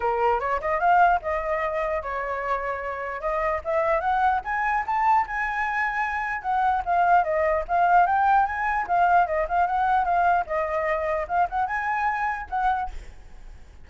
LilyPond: \new Staff \with { instrumentName = "flute" } { \time 4/4 \tempo 4 = 149 ais'4 cis''8 dis''8 f''4 dis''4~ | dis''4 cis''2. | dis''4 e''4 fis''4 gis''4 | a''4 gis''2. |
fis''4 f''4 dis''4 f''4 | g''4 gis''4 f''4 dis''8 f''8 | fis''4 f''4 dis''2 | f''8 fis''8 gis''2 fis''4 | }